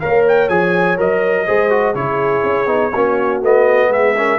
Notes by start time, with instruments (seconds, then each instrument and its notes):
0.00 tuba A#3, trombone A#4, horn C#5, trumpet F5
0.29 trumpet G5
0.49 tuba F3, trombone G#4, trumpet G#5
0.98 tuba F#3, trombone A#4, trumpet D#5
1.47 tuba G#3, trombone G#4, horn C5
1.70 trombone F#4
1.95 tuba C#3, trombone E4, horn G#4, trumpet C#5
2.44 tuba C#4
2.67 tuba B3, trombone D#4
2.92 tuba A#3, trombone C#4, horn F#4
3.43 tuba A3, trombone B3, trumpet D#5
3.90 tuba G#3, horn G#4, trumpet E5
4.17 trombone C#4, horn A#4